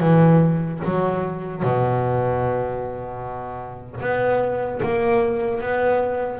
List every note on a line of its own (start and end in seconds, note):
0.00 0.80 E3
0.84 1.63 F#3
1.63 4.00 B2
4.00 4.80 B3
4.82 5.61 A#3
5.61 6.39 B3